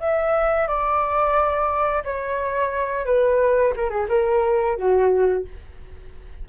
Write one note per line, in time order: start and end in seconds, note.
0.00 0.68 E5
0.68 2.04 D5
2.04 3.06 C#5
3.06 3.74 B4
3.77 3.90 A#4
3.90 4.07 G#4
4.09 4.77 A#4
4.77 5.45 F#4